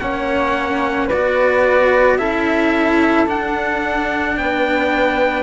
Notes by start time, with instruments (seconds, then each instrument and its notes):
0.00 cello A#3 C#4, flute C#5, trumpet F#5
1.07 cello B3 F#4, flute B4, trumpet D5
2.18 cello C#4 E4, flute A4, trumpet E5
3.27 cello D4, trumpet F#5
4.37 cello B3, flute B4, trumpet G5